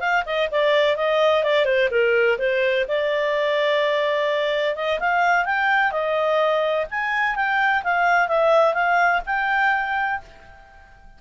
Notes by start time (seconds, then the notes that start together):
0.00 F5
0.26 D#5
0.51 D5
0.96 D#5
1.43 D5
1.65 C5
1.91 A#4
2.38 C5
2.88 D5
4.75 D#5
4.99 F5
5.45 G5
5.91 D#5
6.90 G#5
7.35 G5
7.83 F5
8.28 E5
8.74 F5
9.26 G5